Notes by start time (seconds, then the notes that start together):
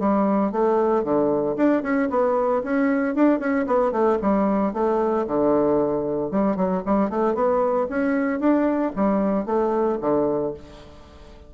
0.00 G3
0.52 A3
1.04 D3
1.57 D4
1.83 C#4
2.11 B3
2.64 C#4
3.15 D4
3.40 C#4
3.67 B3
3.92 A3
4.22 G3
4.74 A3
5.27 D3
6.31 G3
6.57 F#3
6.86 G3
7.10 A3
7.35 B3
7.90 C#4
8.40 D4
8.96 G3
9.46 A3
10.02 D3